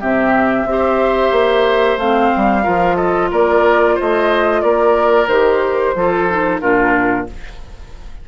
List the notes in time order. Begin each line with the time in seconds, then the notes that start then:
0.00 C3 C4 G4 E5
0.64 C4 G4
0.72 C5
1.31 A#3
1.97 A3 C4 F5
2.36 G3
2.63 F3 F4 A#4
2.96 A4 D#5
3.31 A#3 A#4 D5
3.95 A3 C5 D#5
4.61 A#3 A#4 D5
5.27 D#3 G4 C5
5.95 F3 F4 A4
6.30 D#4
6.60 A#2 D4 F4 A#4